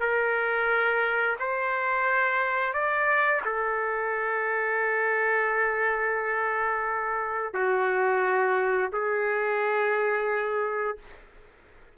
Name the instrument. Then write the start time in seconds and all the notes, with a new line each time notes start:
trumpet
0.00 A#4
1.39 C5
2.73 D5
3.45 A4
7.54 F#4
8.93 G#4